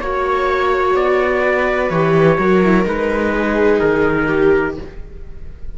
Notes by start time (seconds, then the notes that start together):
0.00 A#3 F#4 C#5
0.95 B3 D5
1.41 B4
1.90 E3 G4 C#5
2.39 F#3 F#4 A#4
2.65 E4
2.85 G#3 D#4 B4
3.35 G#4
3.80 D#3 A#4
4.27 G4